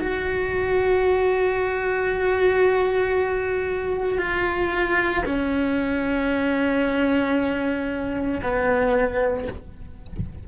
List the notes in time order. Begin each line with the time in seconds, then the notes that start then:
0.00 F#4
4.19 F4
5.26 C#4
8.42 B3